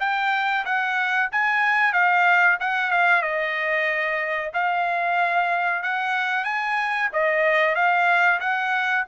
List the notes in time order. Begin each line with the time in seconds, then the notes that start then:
0.00 G5
0.65 F#5
1.31 G#5
1.93 F5
2.60 F#5
2.91 F5
3.22 D#5
4.54 F5
5.83 F#5
6.44 G#5
7.13 D#5
7.75 F5
8.40 F#5